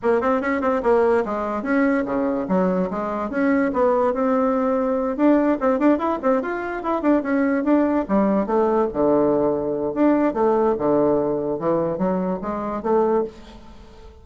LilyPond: \new Staff \with { instrumentName = "bassoon" } { \time 4/4 \tempo 4 = 145 ais8 c'8 cis'8 c'8 ais4 gis4 | cis'4 cis4 fis4 gis4 | cis'4 b4 c'2~ | c'8 d'4 c'8 d'8 e'8 c'8 f'8~ |
f'8 e'8 d'8 cis'4 d'4 g8~ | g8 a4 d2~ d8 | d'4 a4 d2 | e4 fis4 gis4 a4 | }